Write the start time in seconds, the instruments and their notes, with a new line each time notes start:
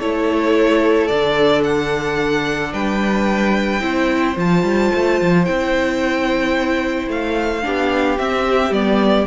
0.00 cello A3, viola E4, violin A4 C#5
1.07 cello D3, viola D4, violin D5
1.64 violin F#5
2.73 cello G3, violin B4 G5
3.80 cello C4, viola E4, violin C5
4.35 cello F3, viola F4, violin A5
4.63 cello G3
4.94 cello A3
5.21 cello F3
5.45 cello C4, viola E4, violin G5
7.08 cello A3, violin F5
7.62 cello B3, viola D4, violin G4
8.19 viola C4, cello C4, violin E5
8.70 cello G3, viola B3, violin D5